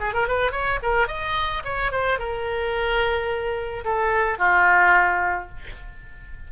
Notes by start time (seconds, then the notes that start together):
0.00 G#4
0.14 A#4
0.28 B4
0.52 C#5
0.83 A#4
1.08 D#5
1.65 C#5
1.92 C5
2.19 A#4
3.85 A4
4.39 F4